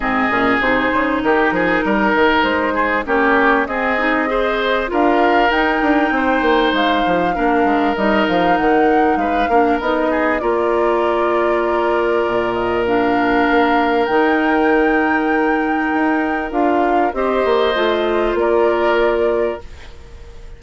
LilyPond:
<<
  \new Staff \with { instrumentName = "flute" } { \time 4/4 \tempo 4 = 98 dis''4 c''4 ais'2 | c''4 cis''4 dis''2 | f''4 g''2 f''4~ | f''4 dis''8 f''8 fis''4 f''4 |
dis''4 d''2.~ | d''8 dis''8 f''2 g''4~ | g''2. f''4 | dis''2 d''2 | }
  \new Staff \with { instrumentName = "oboe" } { \time 4/4 gis'2 g'8 gis'8 ais'4~ | ais'8 gis'8 g'4 gis'4 c''4 | ais'2 c''2 | ais'2. b'8 ais'8~ |
ais'8 gis'8 ais'2.~ | ais'1~ | ais'1 | c''2 ais'2 | }
  \new Staff \with { instrumentName = "clarinet" } { \time 4/4 c'8 cis'8 dis'2.~ | dis'4 cis'4 c'8 dis'8 gis'4 | f'4 dis'2. | d'4 dis'2~ dis'8 d'8 |
dis'4 f'2.~ | f'4 d'2 dis'4~ | dis'2. f'4 | g'4 f'2. | }
  \new Staff \with { instrumentName = "bassoon" } { \time 4/4 gis,8 ais,8 c8 cis8 dis8 f8 g8 dis8 | gis4 ais4 c'2 | d'4 dis'8 d'8 c'8 ais8 gis8 f8 | ais8 gis8 g8 f8 dis4 gis8 ais8 |
b4 ais2. | ais,2 ais4 dis4~ | dis2 dis'4 d'4 | c'8 ais8 a4 ais2 | }
>>